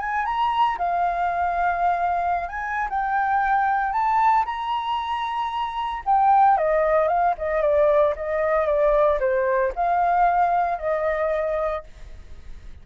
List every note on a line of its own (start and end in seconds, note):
0.00 0.25 G#5
0.25 0.78 A#5
0.78 2.49 F5
2.49 2.88 G#5
2.89 3.93 G5
3.93 4.45 A5
4.45 6.03 A#5
6.06 6.57 G5
6.57 7.08 D#5
7.08 7.34 F5
7.38 7.61 D#5
7.61 8.14 D5
8.16 8.67 D#5
8.67 9.19 D5
9.20 9.73 C5
9.76 10.79 F5
10.79 11.84 D#5